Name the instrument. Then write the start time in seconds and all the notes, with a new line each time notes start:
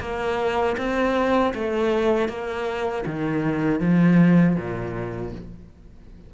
cello
0.00 A#3
0.77 C4
1.54 A3
2.29 A#3
3.06 D#3
3.80 F3
4.56 A#2